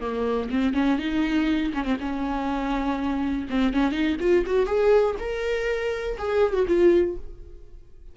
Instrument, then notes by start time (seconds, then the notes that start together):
viola
0.00 A#3
0.50 C4
0.74 C#4
0.99 D#4
1.74 C#4
1.84 C4
2.00 C#4
3.49 C4
3.73 C#4
3.92 D#4
4.20 F4
4.46 F#4
4.66 G#4
5.19 A#4
6.18 G#4
6.53 F#4
6.67 F4